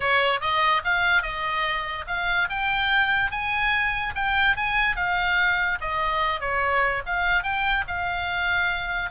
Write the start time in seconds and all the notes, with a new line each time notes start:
0.00 C#5
0.40 D#5
0.84 F5
1.22 D#5
2.07 F5
2.49 G5
3.31 G#5
4.15 G5
4.56 G#5
4.96 F5
5.80 D#5
6.40 C#5
7.06 F5
7.43 G5
7.87 F5